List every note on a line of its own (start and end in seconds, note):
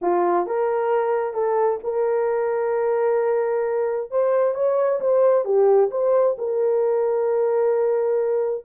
0.01 0.46 F4
0.46 1.33 A#4
1.33 1.79 A4
1.83 4.10 A#4
4.10 4.54 C5
4.54 5.00 C#5
5.00 5.44 C5
5.44 5.90 G4
5.90 6.36 C5
6.38 8.64 A#4